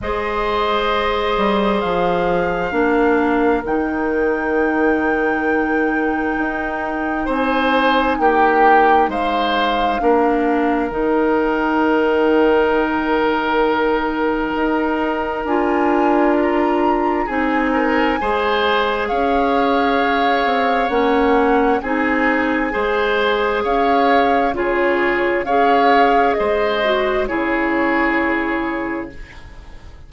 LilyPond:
<<
  \new Staff \with { instrumentName = "flute" } { \time 4/4 \tempo 4 = 66 dis''2 f''2 | g''1 | gis''4 g''4 f''2 | g''1~ |
g''4 gis''4 ais''4 gis''4~ | gis''4 f''2 fis''4 | gis''2 f''4 cis''4 | f''4 dis''4 cis''2 | }
  \new Staff \with { instrumentName = "oboe" } { \time 4/4 c''2. ais'4~ | ais'1 | c''4 g'4 c''4 ais'4~ | ais'1~ |
ais'2. gis'8 ais'8 | c''4 cis''2. | gis'4 c''4 cis''4 gis'4 | cis''4 c''4 gis'2 | }
  \new Staff \with { instrumentName = "clarinet" } { \time 4/4 gis'2. d'4 | dis'1~ | dis'2. d'4 | dis'1~ |
dis'4 f'2 dis'4 | gis'2. cis'4 | dis'4 gis'2 f'4 | gis'4. fis'8 e'2 | }
  \new Staff \with { instrumentName = "bassoon" } { \time 4/4 gis4. g8 f4 ais4 | dis2. dis'4 | c'4 ais4 gis4 ais4 | dis1 |
dis'4 d'2 c'4 | gis4 cis'4. c'8 ais4 | c'4 gis4 cis'4 cis4 | cis'4 gis4 cis2 | }
>>